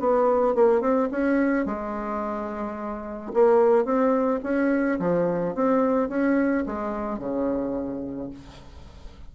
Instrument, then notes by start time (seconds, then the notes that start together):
bassoon
0.00 B3
0.55 A#3
0.81 C4
1.12 C#4
1.66 G#3
3.34 A#3
3.85 C4
4.43 C#4
4.99 F3
5.55 C4
6.09 C#4
6.66 G#3
7.19 C#3